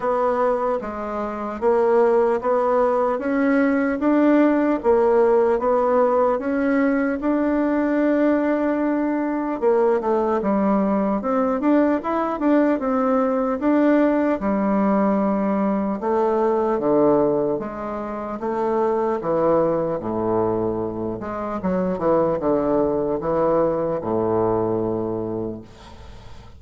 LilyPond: \new Staff \with { instrumentName = "bassoon" } { \time 4/4 \tempo 4 = 75 b4 gis4 ais4 b4 | cis'4 d'4 ais4 b4 | cis'4 d'2. | ais8 a8 g4 c'8 d'8 e'8 d'8 |
c'4 d'4 g2 | a4 d4 gis4 a4 | e4 a,4. gis8 fis8 e8 | d4 e4 a,2 | }